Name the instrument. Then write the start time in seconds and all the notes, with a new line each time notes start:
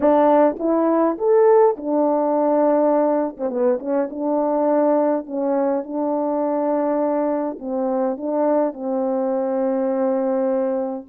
horn
0.00 D4
0.59 E4
1.18 A4
1.76 D4
3.37 C4
3.50 B3
3.79 C#4
4.09 D4
5.26 C#4
5.83 D4
7.59 C4
8.17 D4
8.73 C4